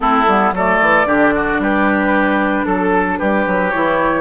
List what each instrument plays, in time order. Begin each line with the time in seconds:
0.00 bassoon A3, clarinet C4, oboe E4, flute A4
0.27 bassoon G3, clarinet B3
0.52 bassoon F#3, clarinet A3, oboe A4, flute D5
0.81 bassoon E3
1.05 bassoon D3, clarinet D4, oboe G4
1.34 oboe F#4
1.58 bassoon G3, oboe G4, flute B4
2.64 bassoon F#3, flute A4, oboe A4
3.18 bassoon G3, oboe G4, flute B4
3.46 bassoon F#3
3.70 bassoon E3, clarinet E4, flute C#5